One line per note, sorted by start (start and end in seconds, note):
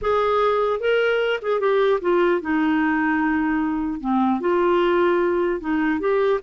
0.01 0.80 G#4
0.80 1.40 A#4
1.41 1.60 G#4
1.60 2.00 G4
2.01 2.41 F4
2.41 4.00 D#4
4.00 4.40 C4
4.40 5.60 F4
5.60 5.99 D#4
5.99 6.39 G4